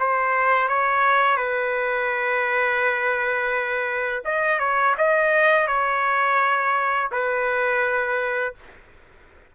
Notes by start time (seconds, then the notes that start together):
0.00 C5
0.69 C#5
1.37 B4
4.25 D#5
4.60 C#5
4.98 D#5
5.68 C#5
7.12 B4